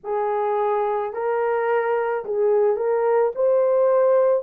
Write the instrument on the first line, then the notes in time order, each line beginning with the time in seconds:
horn
0.03 G#4
1.13 A#4
2.24 G#4
2.76 A#4
3.35 C5